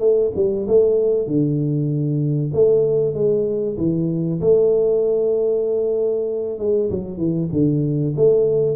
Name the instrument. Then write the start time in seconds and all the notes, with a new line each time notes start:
tuba
0.00 A3
0.36 G3
0.67 A3
1.27 D3
2.53 A3
3.14 G#3
3.78 E3
4.41 A3
6.59 G#3
6.90 F#3
7.17 E3
7.52 D3
8.16 A3